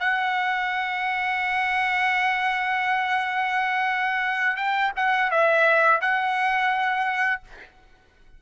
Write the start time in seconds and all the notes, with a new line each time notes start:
0.00 F#5
4.57 G5
4.97 F#5
5.31 E5
6.01 F#5